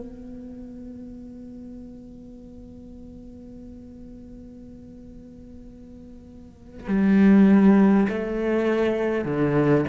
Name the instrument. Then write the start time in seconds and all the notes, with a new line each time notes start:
cello
0.00 B3
6.88 G3
8.09 A3
9.25 D3